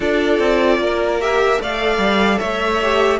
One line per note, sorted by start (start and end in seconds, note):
0.00 0.38 D4
0.00 1.20 F4
0.00 0.80 A4
0.00 1.20 D5
0.38 0.78 C4
0.78 1.58 A#3
0.78 1.61 A#4
1.20 1.57 G4
1.20 1.61 E5
1.57 1.97 A3
1.57 2.77 A4
1.57 2.38 D5
1.57 2.39 F5
1.97 2.37 G3
2.38 3.19 A3
2.38 3.18 C#5
2.38 3.19 E5
2.82 3.19 G4